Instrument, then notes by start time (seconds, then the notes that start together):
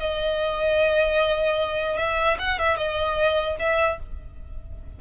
violin
0.00 D#5
1.98 E5
2.39 F#5
2.59 E5
2.77 D#5
3.60 E5